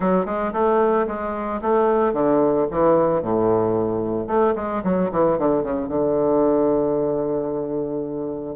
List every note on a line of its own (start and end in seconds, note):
0.00 0.25 F#3
0.25 0.52 G#3
0.53 1.06 A3
1.07 1.60 G#3
1.61 2.13 A3
2.13 2.66 D3
2.70 3.22 E3
3.22 4.27 A2
4.27 4.53 A3
4.55 4.82 G#3
4.83 5.10 F#3
5.11 5.38 E3
5.38 5.62 D3
5.62 5.88 C#3
5.88 8.55 D3